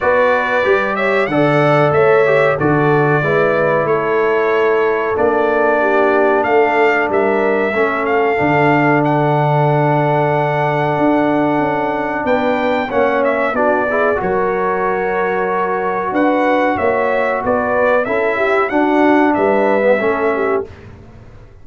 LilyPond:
<<
  \new Staff \with { instrumentName = "trumpet" } { \time 4/4 \tempo 4 = 93 d''4. e''8 fis''4 e''4 | d''2 cis''2 | d''2 f''4 e''4~ | e''8 f''4. fis''2~ |
fis''2. g''4 | fis''8 e''8 d''4 cis''2~ | cis''4 fis''4 e''4 d''4 | e''4 fis''4 e''2 | }
  \new Staff \with { instrumentName = "horn" } { \time 4/4 b'4. cis''8 d''4 cis''4 | a'4 b'4 a'2~ | a'4 g'4 a'4 ais'4 | a'1~ |
a'2. b'4 | cis''4 fis'8 gis'8 ais'2~ | ais'4 b'4 cis''4 b'4 | a'8 g'8 fis'4 b'4 a'8 g'8 | }
  \new Staff \with { instrumentName = "trombone" } { \time 4/4 fis'4 g'4 a'4. g'8 | fis'4 e'2. | d'1 | cis'4 d'2.~ |
d'1 | cis'4 d'8 e'8 fis'2~ | fis'1 | e'4 d'4.~ d'16 b16 cis'4 | }
  \new Staff \with { instrumentName = "tuba" } { \time 4/4 b4 g4 d4 a4 | d4 gis4 a2 | ais2 a4 g4 | a4 d2.~ |
d4 d'4 cis'4 b4 | ais4 b4 fis2~ | fis4 d'4 ais4 b4 | cis'4 d'4 g4 a4 | }
>>